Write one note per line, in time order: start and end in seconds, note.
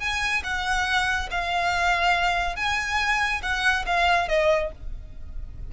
0.00 0.43 G#5
0.44 1.29 F#5
1.31 2.56 F5
2.56 3.42 G#5
3.43 3.86 F#5
3.86 4.29 F5
4.29 4.71 D#5